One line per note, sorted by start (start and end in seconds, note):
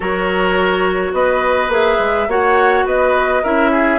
0.00 1.12 F#3
0.00 1.70 F#4
0.00 1.12 A#4
0.00 1.14 C#5
1.12 1.68 B3
1.12 2.28 B4
1.12 1.71 D#5
1.68 1.96 A#3
1.68 2.28 G#4
1.68 2.29 E5
1.98 2.27 G#3
2.27 2.84 A#3
2.27 3.43 F#4
2.27 2.85 C#5
2.27 2.87 F#5
2.85 3.42 B3
2.85 3.42 B4
2.85 3.44 D#5
3.42 3.99 C#4
3.42 3.99 E4
3.42 3.71 A#4
3.42 3.99 E5
3.71 3.99 G#4